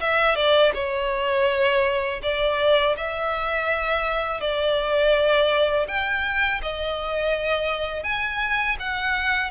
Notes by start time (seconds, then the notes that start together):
0.00 E5
0.36 D5
0.74 C#5
2.23 D5
2.96 E5
4.40 D5
5.88 G5
6.62 D#5
8.03 G#5
8.79 F#5